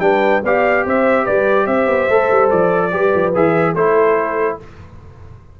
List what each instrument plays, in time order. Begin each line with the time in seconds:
0.00 tuba G3, trombone D4, horn B4, trumpet G5
0.44 tuba B3, trombone G4, horn D5, trumpet F5
0.86 tuba C4, horn C5, trumpet E5
1.24 tuba G3, horn B4, trumpet D5
1.67 tuba C4, horn C5, trumpet E5
1.87 tuba B3
2.10 tuba A3, trombone A4
2.31 tuba G3
2.50 tuba F3, trumpet D5
2.91 tuba G3, trombone G4, horn B4
3.15 tuba F3
3.35 tuba E3, trombone G#4, trumpet E5
3.73 tuba A3, trombone E4, horn A4, trumpet C5